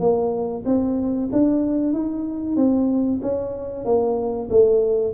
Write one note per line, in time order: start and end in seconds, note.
0.00 0.64 A#3
0.65 1.29 C4
1.32 1.93 D4
1.93 2.56 D#4
2.56 3.20 C4
3.22 3.85 C#4
3.85 4.49 A#3
4.50 5.14 A3